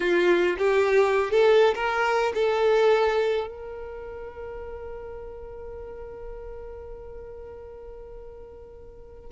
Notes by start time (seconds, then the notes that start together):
0.00 F4
0.58 G4
1.31 A4
1.74 A#4
2.34 A4
3.47 A#4